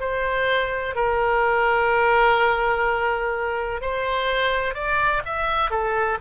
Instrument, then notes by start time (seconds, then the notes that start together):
oboe
0.00 C5
0.95 A#4
3.81 C5
4.74 D5
5.25 E5
5.71 A4